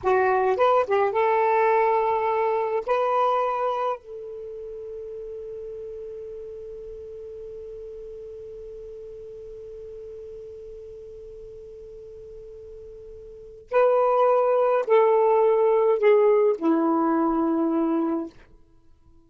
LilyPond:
\new Staff \with { instrumentName = "saxophone" } { \time 4/4 \tempo 4 = 105 fis'4 b'8 g'8 a'2~ | a'4 b'2 a'4~ | a'1~ | a'1~ |
a'1~ | a'1 | b'2 a'2 | gis'4 e'2. | }